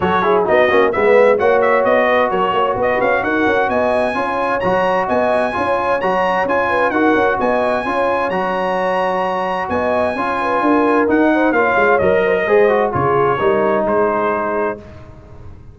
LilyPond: <<
  \new Staff \with { instrumentName = "trumpet" } { \time 4/4 \tempo 4 = 130 cis''4 dis''4 e''4 fis''8 e''8 | dis''4 cis''4 dis''8 f''8 fis''4 | gis''2 ais''4 gis''4~ | gis''4 ais''4 gis''4 fis''4 |
gis''2 ais''2~ | ais''4 gis''2. | fis''4 f''4 dis''2 | cis''2 c''2 | }
  \new Staff \with { instrumentName = "horn" } { \time 4/4 a'8 gis'8 fis'4 b'4 cis''4~ | cis''8 b'8 ais'8 cis''8 b'4 ais'4 | dis''4 cis''2 dis''4 | cis''2~ cis''8 b'8 ais'4 |
dis''4 cis''2.~ | cis''4 dis''4 cis''8 b'8 ais'4~ | ais'8 c''8 cis''4. c''16 ais'16 c''4 | gis'4 ais'4 gis'2 | }
  \new Staff \with { instrumentName = "trombone" } { \time 4/4 fis'8 e'8 dis'8 cis'8 b4 fis'4~ | fis'1~ | fis'4 f'4 fis'2 | f'4 fis'4 f'4 fis'4~ |
fis'4 f'4 fis'2~ | fis'2 f'2 | dis'4 f'4 ais'4 gis'8 fis'8 | f'4 dis'2. | }
  \new Staff \with { instrumentName = "tuba" } { \time 4/4 fis4 b8 ais8 gis4 ais4 | b4 fis8 ais8 b8 cis'8 dis'8 cis'8 | b4 cis'4 fis4 b4 | cis'4 fis4 cis'4 dis'8 cis'8 |
b4 cis'4 fis2~ | fis4 b4 cis'4 d'4 | dis'4 ais8 gis8 fis4 gis4 | cis4 g4 gis2 | }
>>